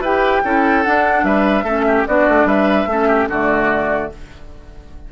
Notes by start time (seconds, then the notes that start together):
0.00 E4 G4 B4 G5
0.44 C#4 E4 A4
0.84 D4 F#5
1.24 G3 B4 E5
1.63 A3 C#4 A4
1.87 G4
2.07 B3 D4 F#4 D5
2.28 A3
2.45 G3 B4 E5
2.86 A3 C#4 A4
3.08 G4
3.28 D3 A3 F#4 D5